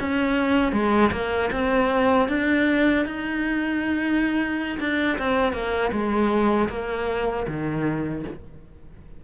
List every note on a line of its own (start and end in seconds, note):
0.00 0.72 C#4
0.72 1.11 G#3
1.12 1.50 A#3
1.52 2.29 C4
2.29 3.06 D4
3.06 4.79 D#4
4.80 5.18 D4
5.19 5.53 C4
5.53 5.91 A#3
5.92 6.69 G#3
6.70 7.47 A#3
7.47 8.24 D#3